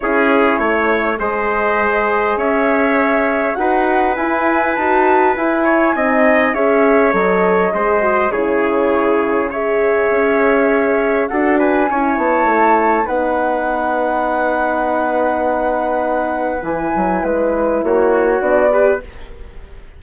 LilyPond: <<
  \new Staff \with { instrumentName = "flute" } { \time 4/4 \tempo 4 = 101 cis''2 dis''2 | e''2 fis''4 gis''4 | a''4 gis''2 e''4 | dis''2 cis''2 |
e''2. fis''8 gis''8~ | gis''8 a''4. fis''2~ | fis''1 | gis''4 b'4 cis''4 d''4 | }
  \new Staff \with { instrumentName = "trumpet" } { \time 4/4 gis'4 cis''4 c''2 | cis''2 b'2~ | b'4. cis''8 dis''4 cis''4~ | cis''4 c''4 gis'2 |
cis''2. a'8 b'8 | cis''2 b'2~ | b'1~ | b'2 fis'4. b'8 | }
  \new Staff \with { instrumentName = "horn" } { \time 4/4 e'2 gis'2~ | gis'2 fis'4 e'4 | fis'4 e'4 dis'4 gis'4 | a'4 gis'8 fis'8 e'2 |
gis'2. fis'4 | e'2 dis'2~ | dis'1 | e'2. d'8 g'8 | }
  \new Staff \with { instrumentName = "bassoon" } { \time 4/4 cis'4 a4 gis2 | cis'2 dis'4 e'4 | dis'4 e'4 c'4 cis'4 | fis4 gis4 cis2~ |
cis4 cis'2 d'4 | cis'8 b8 a4 b2~ | b1 | e8 fis8 gis4 ais4 b4 | }
>>